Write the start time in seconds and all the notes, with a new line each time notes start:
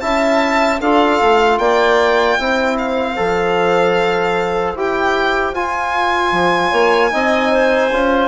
0.00 C#4 E4 E5 A5
0.80 D4 F4 A4 F5
1.20 A3
1.58 A#3 D5 G5
2.38 C4 E4 C5
2.78 F5
3.16 F3 A4
4.75 E4 G4 G5
5.52 F4 G#5
6.32 F3
6.70 A#3 C#5
7.11 C4 D#4 D#5
7.51 C5
7.91 C#4 F4